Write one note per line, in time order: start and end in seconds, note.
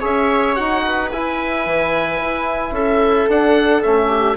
0.00 0.59 C#4
0.00 0.56 G#4
0.00 0.82 C#5
0.00 0.56 E5
0.56 1.13 D#4
0.56 1.11 F#4
0.56 1.10 F#5
0.84 2.74 B4
1.12 1.66 E4
1.12 3.30 E4
1.12 2.75 G#5
1.66 2.21 E3
2.22 2.72 E4
2.72 3.26 C#4
2.72 4.09 A4
2.72 3.29 E5
3.29 3.83 D4
3.29 3.84 D4
3.29 3.83 F#5
3.83 4.38 A3
3.83 4.38 C#4
3.83 4.38 E5
4.09 4.36 G4